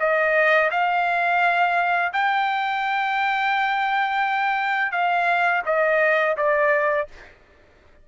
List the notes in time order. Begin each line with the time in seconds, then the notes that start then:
0.00 D#5
0.71 F5
2.13 G5
4.92 F5
5.66 D#5
6.38 D5